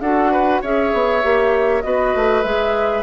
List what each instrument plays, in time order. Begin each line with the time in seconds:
0.00 bassoon D4, clarinet F#4, oboe A4, flute F#5
0.32 oboe B4
0.61 bassoon C#4, clarinet G#4, oboe C#5, flute E5
0.93 bassoon B3
1.22 bassoon A#3, clarinet G4
1.82 bassoon B3, clarinet F#4, oboe B4, flute D#5
2.15 bassoon A3
2.42 bassoon G#3, clarinet G#4, flute E5